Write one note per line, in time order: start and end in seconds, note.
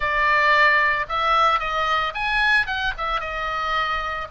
0.00 1.06 D5
1.09 1.59 E5
1.59 2.13 D#5
2.14 2.66 G#5
2.66 2.93 F#5
2.97 3.20 E5
3.20 4.27 D#5